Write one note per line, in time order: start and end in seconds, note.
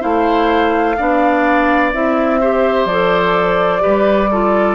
0.00 0.99 A3
0.00 0.95 E4
0.00 0.96 C5
0.00 1.92 F5
0.97 1.93 B3
0.97 1.93 D4
0.97 2.40 D5
1.92 2.85 C4
1.92 2.41 E4
1.92 2.87 E5
2.40 2.89 G4
2.40 3.82 C5
2.85 3.81 F3
2.85 3.80 A4
2.85 4.75 D5
3.80 4.27 G4
3.80 4.30 B4
3.86 4.75 G3
4.31 4.75 F4
4.31 4.75 A4